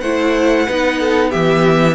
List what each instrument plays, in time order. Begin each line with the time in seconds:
0.00 cello A3, viola E4, violin C5 F#5
0.66 cello B3, viola D#4, violin B4
0.99 violin A4
1.30 cello E3, viola B3, violin G4 E5